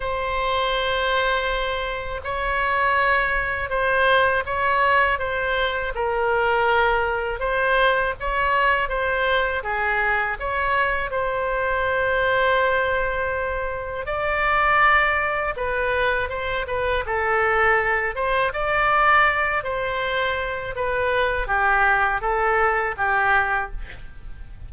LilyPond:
\new Staff \with { instrumentName = "oboe" } { \time 4/4 \tempo 4 = 81 c''2. cis''4~ | cis''4 c''4 cis''4 c''4 | ais'2 c''4 cis''4 | c''4 gis'4 cis''4 c''4~ |
c''2. d''4~ | d''4 b'4 c''8 b'8 a'4~ | a'8 c''8 d''4. c''4. | b'4 g'4 a'4 g'4 | }